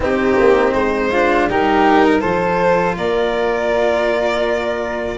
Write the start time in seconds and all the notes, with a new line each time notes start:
0.00 C4 D#4 G4
0.39 A#3
0.74 G#3 C5
1.11 D4 F4
1.48 G3 D#4 G4 A#4
2.04 A#4
2.20 F3 F4 A4 C5
2.97 A#3 A#4 D5